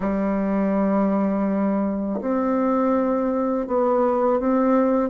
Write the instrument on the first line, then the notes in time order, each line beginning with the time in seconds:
bassoon
0.00 G3
2.21 C4
3.67 B3
4.39 C4